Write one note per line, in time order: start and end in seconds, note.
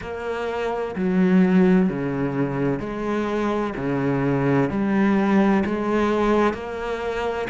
0.01 0.95 A#3
0.95 1.89 F#3
1.89 2.79 C#3
2.79 3.73 G#3
3.76 4.70 C#3
4.70 5.63 G3
5.65 6.53 G#3
6.53 7.47 A#3